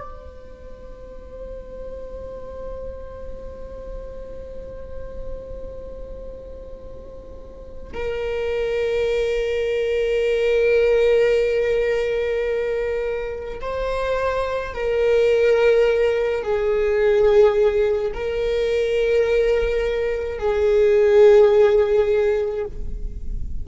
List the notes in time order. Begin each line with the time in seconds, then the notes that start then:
0.00 C5
7.93 A#4
13.61 C5
14.74 A#4
16.43 G#4
18.13 A#4
20.38 G#4